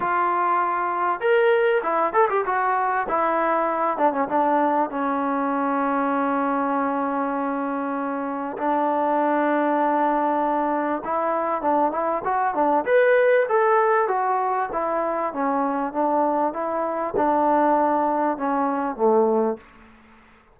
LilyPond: \new Staff \with { instrumentName = "trombone" } { \time 4/4 \tempo 4 = 98 f'2 ais'4 e'8 a'16 g'16 | fis'4 e'4. d'16 cis'16 d'4 | cis'1~ | cis'2 d'2~ |
d'2 e'4 d'8 e'8 | fis'8 d'8 b'4 a'4 fis'4 | e'4 cis'4 d'4 e'4 | d'2 cis'4 a4 | }